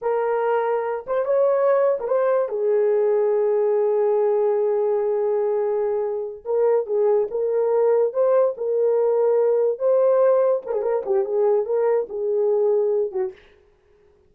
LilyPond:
\new Staff \with { instrumentName = "horn" } { \time 4/4 \tempo 4 = 144 ais'2~ ais'8 c''8 cis''4~ | cis''8. ais'16 c''4 gis'2~ | gis'1~ | gis'2.~ gis'8 ais'8~ |
ais'8 gis'4 ais'2 c''8~ | c''8 ais'2. c''8~ | c''4. ais'16 gis'16 ais'8 g'8 gis'4 | ais'4 gis'2~ gis'8 fis'8 | }